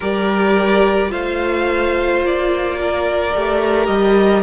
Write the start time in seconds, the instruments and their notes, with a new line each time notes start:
0.00 cello G3, viola G4, violin A#4 D5
1.08 cello A3, viola F4, violin C5 F5
2.23 cello A#3, violin D5
2.81 violin A#4
3.34 cello A3, viola G4
3.86 cello G3, violin D#5